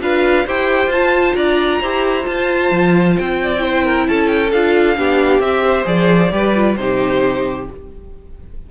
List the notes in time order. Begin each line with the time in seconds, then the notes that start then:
0.00 D4 F4 B4 F5
0.45 E4 G4 C5 G5
0.87 F4 A5
0.93 F4
1.35 D4 D5 A#5
1.80 E4 G4 C5
2.22 F4 A5
2.71 F3
3.18 C4 G5
3.42 D5
3.58 E4 C5
3.84 A#4
4.08 C#4 A4 A5
4.27 G5
4.52 D4 F4 F5
4.95 B3 D4 G4
5.39 C4 G4 E5
5.64 C5
5.84 F3 G#4 D5
6.31 G3 G4 B4
6.55 F4
6.76 C3 D#4 G4 C5